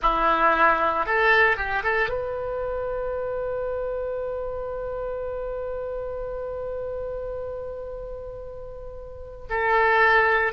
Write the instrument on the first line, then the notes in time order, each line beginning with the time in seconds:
oboe
0.01 E4
1.06 A4
1.56 G4
1.83 A4
2.09 B4
9.49 A4